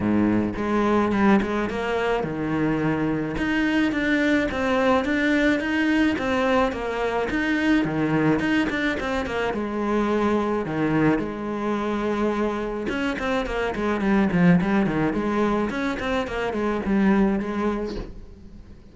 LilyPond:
\new Staff \with { instrumentName = "cello" } { \time 4/4 \tempo 4 = 107 gis,4 gis4 g8 gis8 ais4 | dis2 dis'4 d'4 | c'4 d'4 dis'4 c'4 | ais4 dis'4 dis4 dis'8 d'8 |
c'8 ais8 gis2 dis4 | gis2. cis'8 c'8 | ais8 gis8 g8 f8 g8 dis8 gis4 | cis'8 c'8 ais8 gis8 g4 gis4 | }